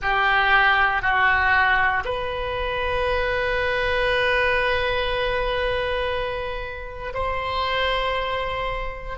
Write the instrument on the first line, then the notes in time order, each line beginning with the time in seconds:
oboe
0.02 G4
1.02 F#4
2.04 B4
7.14 C5